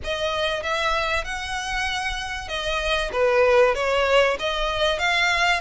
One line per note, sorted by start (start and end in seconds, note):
0.03 0.62 D#5
0.62 1.24 E5
1.24 2.48 F#5
2.48 3.11 D#5
3.12 3.74 B4
3.74 4.37 C#5
4.39 4.99 D#5
4.99 5.60 F5